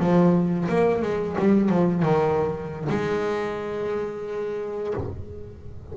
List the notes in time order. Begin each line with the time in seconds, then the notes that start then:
0.00 F3
0.69 A#3
1.02 G#3
1.39 G3
1.70 F3
2.03 D#3
2.90 G#3